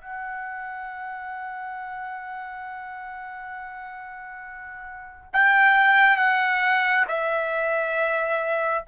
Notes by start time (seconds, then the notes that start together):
0.00 F#5
5.33 G5
6.16 F#5
7.07 E5